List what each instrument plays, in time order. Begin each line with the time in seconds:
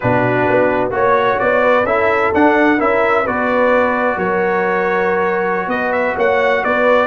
0.00 tuba B2, trombone D4, horn F#4, trumpet B4
0.49 tuba B3
0.91 tuba A#3, trombone F#4, horn C#5, trumpet C#5
1.39 tuba B3, trumpet D5
1.63 horn B4
1.83 tuba C#4, trombone E4, horn A4, trumpet E5
2.34 tuba D4, trombone D4, trumpet F#5
2.78 tuba C#4, trombone E4, horn A#4, trumpet E5
3.22 tuba B3, trombone F#4, horn B4, trumpet D5
4.17 tuba F#3, horn A#4, trumpet C#5
5.67 tuba B3, horn B4, trumpet D#5
5.92 trumpet E5
6.15 tuba A#3, horn C#5, trumpet F#5
6.63 tuba B3, horn B4, trumpet D5